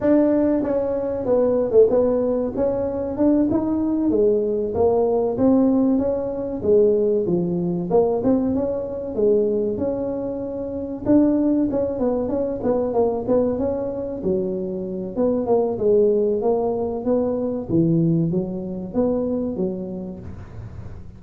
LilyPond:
\new Staff \with { instrumentName = "tuba" } { \time 4/4 \tempo 4 = 95 d'4 cis'4 b8. a16 b4 | cis'4 d'8 dis'4 gis4 ais8~ | ais8 c'4 cis'4 gis4 f8~ | f8 ais8 c'8 cis'4 gis4 cis'8~ |
cis'4. d'4 cis'8 b8 cis'8 | b8 ais8 b8 cis'4 fis4. | b8 ais8 gis4 ais4 b4 | e4 fis4 b4 fis4 | }